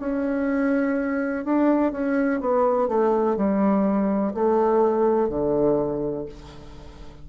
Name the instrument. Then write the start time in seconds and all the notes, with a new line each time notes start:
bassoon
0.00 C#4
1.45 D4
1.93 C#4
2.41 B3
2.89 A3
3.37 G3
4.34 A3
5.30 D3